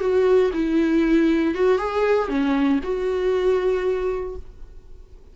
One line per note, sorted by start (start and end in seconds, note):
0.00 0.51 F#4
0.53 1.55 E4
1.55 1.78 F#4
1.78 2.29 G#4
2.29 2.79 C#4
2.83 4.36 F#4